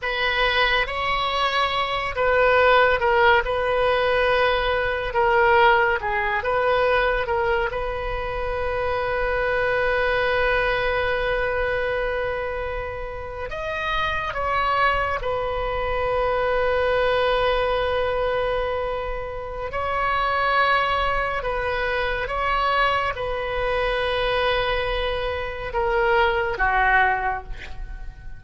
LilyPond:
\new Staff \with { instrumentName = "oboe" } { \time 4/4 \tempo 4 = 70 b'4 cis''4. b'4 ais'8 | b'2 ais'4 gis'8 b'8~ | b'8 ais'8 b'2.~ | b'2.~ b'8. dis''16~ |
dis''8. cis''4 b'2~ b'16~ | b'2. cis''4~ | cis''4 b'4 cis''4 b'4~ | b'2 ais'4 fis'4 | }